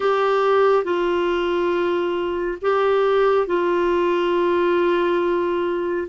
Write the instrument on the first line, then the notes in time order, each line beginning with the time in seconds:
clarinet
0.00 G4
0.84 F4
2.61 G4
3.47 F4